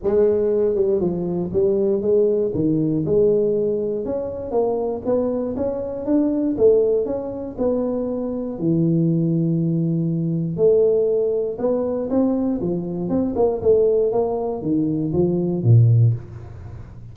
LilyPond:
\new Staff \with { instrumentName = "tuba" } { \time 4/4 \tempo 4 = 119 gis4. g8 f4 g4 | gis4 dis4 gis2 | cis'4 ais4 b4 cis'4 | d'4 a4 cis'4 b4~ |
b4 e2.~ | e4 a2 b4 | c'4 f4 c'8 ais8 a4 | ais4 dis4 f4 ais,4 | }